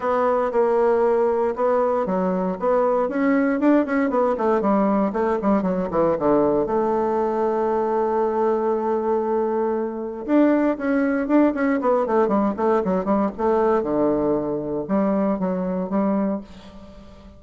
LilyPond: \new Staff \with { instrumentName = "bassoon" } { \time 4/4 \tempo 4 = 117 b4 ais2 b4 | fis4 b4 cis'4 d'8 cis'8 | b8 a8 g4 a8 g8 fis8 e8 | d4 a2.~ |
a1 | d'4 cis'4 d'8 cis'8 b8 a8 | g8 a8 fis8 g8 a4 d4~ | d4 g4 fis4 g4 | }